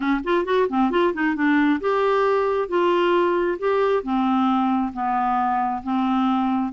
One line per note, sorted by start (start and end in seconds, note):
0.00 0.20 C#4
0.24 0.45 F4
0.45 0.67 F#4
0.69 0.91 C4
0.91 1.13 F4
1.13 1.35 D#4
1.35 1.80 D4
1.80 2.68 G4
2.68 3.58 F4
3.58 4.03 G4
4.03 4.92 C4
4.93 5.82 B3
5.83 6.72 C4